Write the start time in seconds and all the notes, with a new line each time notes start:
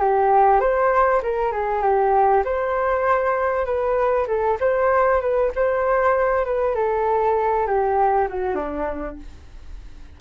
0.00 G4
0.60 C5
1.22 A#4
1.52 G#4
1.82 G4
2.44 C5
3.65 B4
4.27 A4
4.60 C5
5.21 B4
5.55 C5
6.45 B4
6.75 A4
7.66 G4
8.28 F#4
8.55 D4